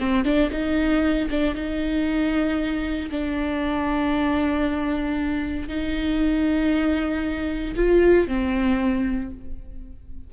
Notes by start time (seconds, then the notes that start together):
0.00 C4
0.25 D4
0.52 D#4
1.31 D4
1.55 D#4
3.11 D4
5.69 D#4
7.76 F4
8.28 C4